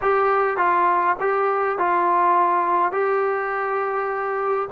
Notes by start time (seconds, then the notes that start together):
0.01 G4
0.57 F4
1.20 G4
1.78 F4
2.91 G4